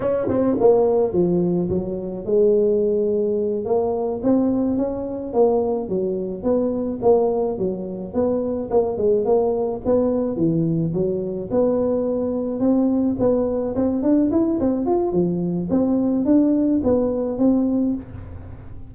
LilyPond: \new Staff \with { instrumentName = "tuba" } { \time 4/4 \tempo 4 = 107 cis'8 c'8 ais4 f4 fis4 | gis2~ gis8 ais4 c'8~ | c'8 cis'4 ais4 fis4 b8~ | b8 ais4 fis4 b4 ais8 |
gis8 ais4 b4 e4 fis8~ | fis8 b2 c'4 b8~ | b8 c'8 d'8 e'8 c'8 f'8 f4 | c'4 d'4 b4 c'4 | }